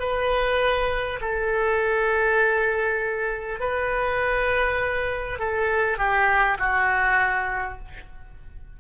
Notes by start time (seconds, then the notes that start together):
0.00 B4
1.21 A4
3.59 B4
5.39 A4
5.98 G4
6.59 F#4